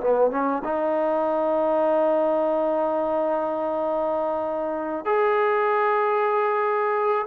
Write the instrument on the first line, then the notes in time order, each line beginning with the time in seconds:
trombone
0.00 B3
0.30 C#4
0.64 D#4
5.05 G#4